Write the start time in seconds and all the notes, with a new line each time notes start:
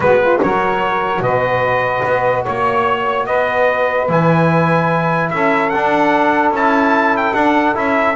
0.00 G#3 B3 F#4 B4
0.21 F4
0.41 F#3 F#4 A#4 C#5
1.20 B2 B4 D#5
2.04 B3
2.43 A#3 C#5
3.26 B3 B4 D#5
4.09 E3 E4 G#5
5.30 C#4 A4 E5
5.69 D4 F#5
6.51 C#4 E4 A5
7.16 G5
7.34 D4 F#5
7.74 C#4 E4 E5